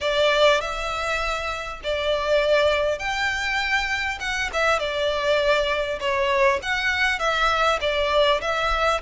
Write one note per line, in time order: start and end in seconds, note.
0.01 0.61 D5
0.61 1.81 E5
1.83 2.98 D5
2.98 4.18 G5
4.20 4.50 F#5
4.53 4.79 E5
4.79 5.99 D5
5.99 6.59 C#5
6.62 7.19 F#5
7.19 7.79 E5
7.81 8.41 D5
8.41 9.01 E5